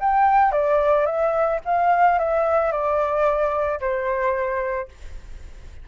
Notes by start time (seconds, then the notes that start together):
0.00 G5
0.52 D5
1.06 E5
1.65 F5
2.18 E5
2.72 D5
3.80 C5